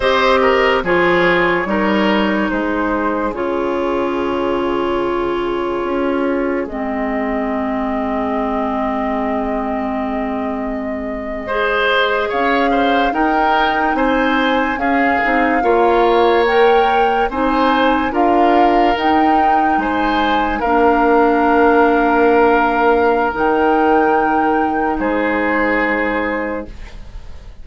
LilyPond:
<<
  \new Staff \with { instrumentName = "flute" } { \time 4/4 \tempo 4 = 72 dis''4 cis''2 c''4 | cis''1 | dis''1~ | dis''2~ dis''8. f''4 g''16~ |
g''8. gis''4 f''2 g''16~ | g''8. gis''4 f''4 g''4 gis''16~ | gis''8. f''2.~ f''16 | g''2 c''2 | }
  \new Staff \with { instrumentName = "oboe" } { \time 4/4 c''8 ais'8 gis'4 ais'4 gis'4~ | gis'1~ | gis'1~ | gis'4.~ gis'16 c''4 cis''8 c''8 ais'16~ |
ais'8. c''4 gis'4 cis''4~ cis''16~ | cis''8. c''4 ais'2 c''16~ | c''8. ais'2.~ ais'16~ | ais'2 gis'2 | }
  \new Staff \with { instrumentName = "clarinet" } { \time 4/4 g'4 f'4 dis'2 | f'1 | c'1~ | c'4.~ c'16 gis'2 dis'16~ |
dis'4.~ dis'16 cis'8 dis'8 f'4 ais'16~ | ais'8. dis'4 f'4 dis'4~ dis'16~ | dis'8. d'2.~ d'16 | dis'1 | }
  \new Staff \with { instrumentName = "bassoon" } { \time 4/4 c'4 f4 g4 gis4 | cis2. cis'4 | gis1~ | gis2~ gis8. cis'4 dis'16~ |
dis'8. c'4 cis'8 c'8 ais4~ ais16~ | ais8. c'4 d'4 dis'4 gis16~ | gis8. ais2.~ ais16 | dis2 gis2 | }
>>